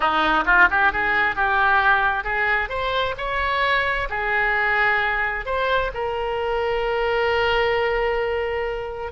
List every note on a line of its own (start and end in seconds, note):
0.00 0.44 D#4
0.45 0.68 F4
0.70 0.92 G4
0.92 1.35 G#4
1.35 2.24 G4
2.24 2.69 G#4
2.69 3.14 C5
3.17 4.08 C#5
4.09 5.45 G#4
5.45 5.91 C5
5.94 9.12 A#4